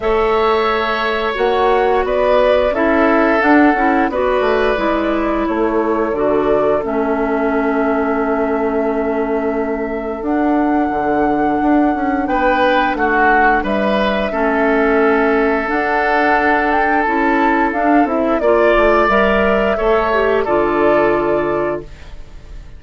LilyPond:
<<
  \new Staff \with { instrumentName = "flute" } { \time 4/4 \tempo 4 = 88 e''2 fis''4 d''4 | e''4 fis''4 d''2 | cis''4 d''4 e''2~ | e''2. fis''4~ |
fis''2 g''4 fis''4 | e''2. fis''4~ | fis''8 g''8 a''4 f''8 e''8 d''4 | e''2 d''2 | }
  \new Staff \with { instrumentName = "oboe" } { \time 4/4 cis''2. b'4 | a'2 b'2 | a'1~ | a'1~ |
a'2 b'4 fis'4 | b'4 a'2.~ | a'2. d''4~ | d''4 cis''4 a'2 | }
  \new Staff \with { instrumentName = "clarinet" } { \time 4/4 a'2 fis'2 | e'4 d'8 e'8 fis'4 e'4~ | e'4 fis'4 cis'2~ | cis'2. d'4~ |
d'1~ | d'4 cis'2 d'4~ | d'4 e'4 d'8 e'8 f'4 | ais'4 a'8 g'8 f'2 | }
  \new Staff \with { instrumentName = "bassoon" } { \time 4/4 a2 ais4 b4 | cis'4 d'8 cis'8 b8 a8 gis4 | a4 d4 a2~ | a2. d'4 |
d4 d'8 cis'8 b4 a4 | g4 a2 d'4~ | d'4 cis'4 d'8 c'8 ais8 a8 | g4 a4 d2 | }
>>